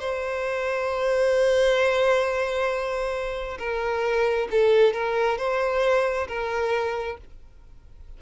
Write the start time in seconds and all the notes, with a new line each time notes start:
0.00 C5
3.59 A#4
4.51 A4
4.94 A#4
5.38 C5
6.28 A#4